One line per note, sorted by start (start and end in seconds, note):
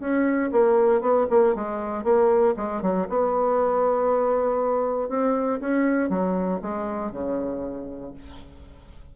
0.00 0.51 C#4
0.52 1.01 A#3
1.01 1.27 B3
1.30 1.55 A#3
1.55 2.04 G#3
2.04 2.55 A#3
2.57 2.82 G#3
2.82 3.08 F#3
3.09 5.09 B3
5.09 5.60 C4
5.61 6.10 C#4
6.10 6.61 F#3
6.62 7.12 G#3
7.12 8.14 C#3